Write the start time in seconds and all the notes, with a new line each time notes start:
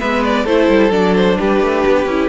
0.00 G#3 B3 B4 E5
0.24 D5
0.45 A3 E4 A4 C5
0.69 G3
0.91 F#3 D4 D5
1.16 C5
1.38 G3 G4 B4
1.61 A3
1.87 B3
2.06 C#4 E4